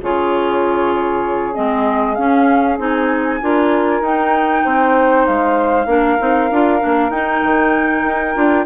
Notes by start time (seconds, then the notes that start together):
0.00 C#3 F4 G#4 C#5
1.54 G#3 C4 D#5
2.15 C#4 F5
2.78 C4 D#4 G#5
3.41 D4 F4 A#4
4.00 D#4 G5
4.64 C4 C5
5.26 G#3 F5
5.86 A#3 D4 A#4
6.18 C4 D#4
6.50 D4 F4
6.79 A#3 D4
7.09 D#4 G5
7.43 D#3
8.03 D#4
8.34 D4 F4